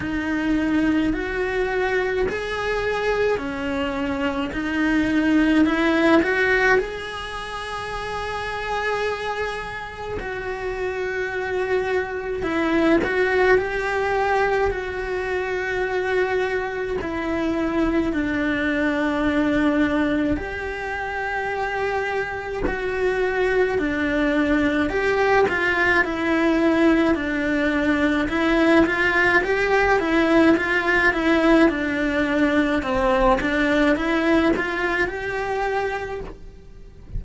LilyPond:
\new Staff \with { instrumentName = "cello" } { \time 4/4 \tempo 4 = 53 dis'4 fis'4 gis'4 cis'4 | dis'4 e'8 fis'8 gis'2~ | gis'4 fis'2 e'8 fis'8 | g'4 fis'2 e'4 |
d'2 g'2 | fis'4 d'4 g'8 f'8 e'4 | d'4 e'8 f'8 g'8 e'8 f'8 e'8 | d'4 c'8 d'8 e'8 f'8 g'4 | }